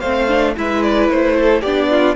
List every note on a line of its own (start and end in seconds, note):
0.00 0.56 A3
0.00 0.28 C4
0.00 0.54 C5
0.00 0.54 F5
0.28 0.55 D4
0.56 1.09 G#3
0.56 1.63 E4
0.56 1.36 B4
0.56 0.83 E5
0.83 1.09 D5
1.09 1.62 A3
1.09 1.61 C5
1.36 1.61 A4
1.61 2.15 B3
1.61 2.15 D4
1.61 1.88 G4
1.61 2.15 D5
1.91 2.15 F4